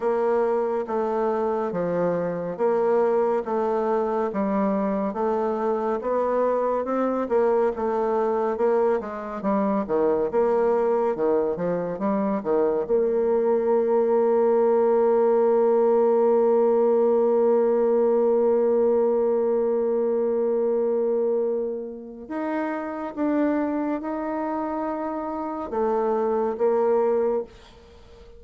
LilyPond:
\new Staff \with { instrumentName = "bassoon" } { \time 4/4 \tempo 4 = 70 ais4 a4 f4 ais4 | a4 g4 a4 b4 | c'8 ais8 a4 ais8 gis8 g8 dis8 | ais4 dis8 f8 g8 dis8 ais4~ |
ais1~ | ais1~ | ais2 dis'4 d'4 | dis'2 a4 ais4 | }